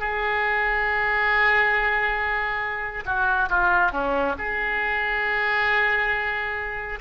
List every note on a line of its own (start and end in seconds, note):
0.00 3.04 G#4
3.06 3.49 F#4
3.50 3.92 F4
3.92 4.36 C#4
4.39 7.00 G#4